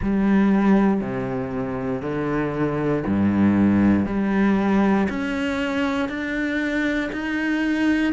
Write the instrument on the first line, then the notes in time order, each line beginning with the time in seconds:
cello
0.01 G3
1.00 C3
2.02 D3
3.06 G2
4.06 G3
5.08 C#4
6.08 D4
7.12 D#4